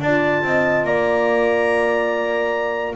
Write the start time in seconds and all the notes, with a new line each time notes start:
0.00 D4 F4 D5 A5
0.42 C4 D#5
0.84 A#3 D5 A#5